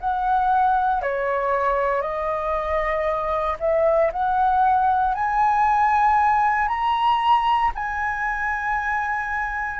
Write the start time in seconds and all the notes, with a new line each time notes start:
0.00 F#5
1.02 C#5
2.02 D#5
3.60 E5
4.12 F#5
5.14 G#5
6.68 A#5
7.74 G#5